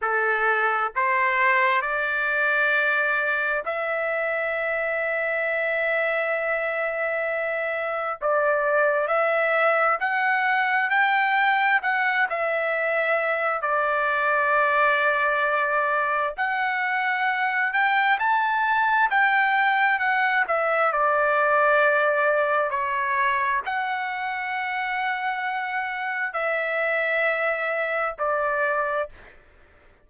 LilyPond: \new Staff \with { instrumentName = "trumpet" } { \time 4/4 \tempo 4 = 66 a'4 c''4 d''2 | e''1~ | e''4 d''4 e''4 fis''4 | g''4 fis''8 e''4. d''4~ |
d''2 fis''4. g''8 | a''4 g''4 fis''8 e''8 d''4~ | d''4 cis''4 fis''2~ | fis''4 e''2 d''4 | }